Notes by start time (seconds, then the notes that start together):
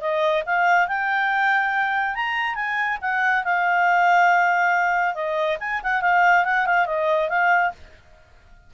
0.00 D#5
0.45 F5
0.87 G5
2.14 A#5
2.55 G#5
3.01 F#5
3.44 F5
5.14 D#5
5.59 G#5
5.83 F#5
6.01 F5
6.44 F#5
6.66 F5
6.86 D#5
7.29 F5